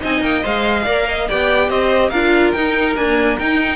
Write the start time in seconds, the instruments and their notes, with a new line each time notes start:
0.00 cello C4, viola D#4, violin D#5 G#5
0.21 cello A#3, violin G5
0.42 cello G#3, viola C5, violin F5
0.84 cello A#3, viola A#4, violin D5
1.08 violin D#5
1.28 cello B3, viola G4, violin D5 G5
1.69 cello C4, violin C5 D#5
2.09 cello D4, viola F4, violin A#4 F5
2.52 cello D#4, viola D#4, violin G5
2.96 viola A#3, cello D4, violin G#5
3.38 cello D#4, viola D#4, violin G5